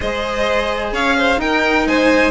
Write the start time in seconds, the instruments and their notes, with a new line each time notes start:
0.00 bassoon G#3, cello G#4, violin C5 D#5
0.92 bassoon C#4, violin C#5 F5
1.17 violin C5
1.37 bassoon D#4, cello D#4, violin A#4 G5
1.86 bassoon G#3, violin C5 G#5